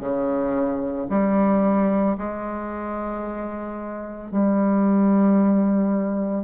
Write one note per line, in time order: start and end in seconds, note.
0.00 1.07 C#3
1.10 2.17 G3
2.18 4.31 G#3
4.31 6.44 G3